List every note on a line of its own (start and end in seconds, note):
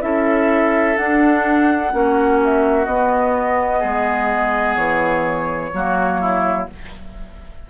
0.00 0.97 C#4
0.00 0.95 E4
0.00 1.93 A4
0.00 0.97 E5
0.96 1.91 D4
0.96 1.93 D4
0.96 2.39 F#5
1.91 2.87 A#3
1.91 2.86 C#4
1.91 3.79 F#4
2.44 2.85 E5
2.85 5.72 B3
2.85 3.82 B3
2.85 4.75 D#5
3.79 4.76 G#3
3.79 5.69 G#4
4.75 5.71 E3
4.75 6.65 C#5
5.73 6.68 F#3
5.73 6.69 A#3
5.73 6.20 F#4
6.20 6.68 E4